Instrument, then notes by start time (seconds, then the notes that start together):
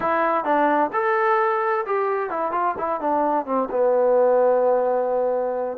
trombone
0.00 E4
0.44 D4
0.93 A4
1.86 G4
2.30 E4
2.51 F4
2.78 E4
3.00 D4
3.45 C4
3.70 B3